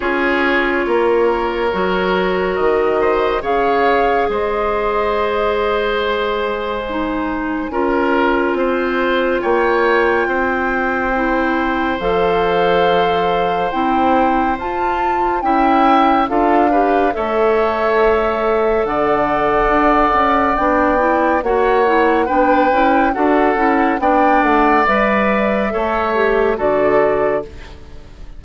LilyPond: <<
  \new Staff \with { instrumentName = "flute" } { \time 4/4 \tempo 4 = 70 cis''2. dis''4 | f''4 dis''2 gis''4~ | gis''2. g''4~ | g''2 f''2 |
g''4 a''4 g''4 f''4 | e''2 fis''2 | g''4 fis''4 g''4 fis''4 | g''8 fis''8 e''2 d''4 | }
  \new Staff \with { instrumentName = "oboe" } { \time 4/4 gis'4 ais'2~ ais'8 c''8 | cis''4 c''2.~ | c''4 ais'4 c''4 cis''4 | c''1~ |
c''2 e''4 a'8 b'8 | cis''2 d''2~ | d''4 cis''4 b'4 a'4 | d''2 cis''4 a'4 | }
  \new Staff \with { instrumentName = "clarinet" } { \time 4/4 f'2 fis'2 | gis'1 | dis'4 f'2.~ | f'4 e'4 a'2 |
e'4 f'4 e'4 f'8 g'8 | a'1 | d'8 e'8 fis'8 e'8 d'8 e'8 fis'8 e'8 | d'4 b'4 a'8 g'8 fis'4 | }
  \new Staff \with { instrumentName = "bassoon" } { \time 4/4 cis'4 ais4 fis4 dis4 | cis4 gis2.~ | gis4 cis'4 c'4 ais4 | c'2 f2 |
c'4 f'4 cis'4 d'4 | a2 d4 d'8 cis'8 | b4 ais4 b8 cis'8 d'8 cis'8 | b8 a8 g4 a4 d4 | }
>>